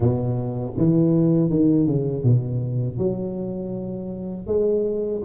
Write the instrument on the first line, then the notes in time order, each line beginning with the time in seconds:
tuba
0.00 B2
0.77 E3
1.50 D#3
1.86 C#3
2.23 B2
2.98 F#3
4.47 G#3